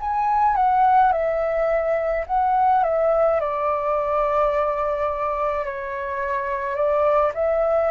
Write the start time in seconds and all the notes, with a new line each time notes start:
0.00 G#5
0.56 F#5
1.12 E5
2.26 F#5
2.84 E5
3.40 D5
5.65 C#5
6.75 D5
7.34 E5